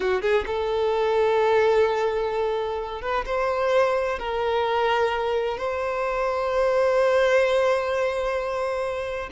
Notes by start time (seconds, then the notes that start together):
0.00 F#4
0.21 G#4
0.46 A4
3.01 B4
3.25 C5
4.18 A#4
5.57 C5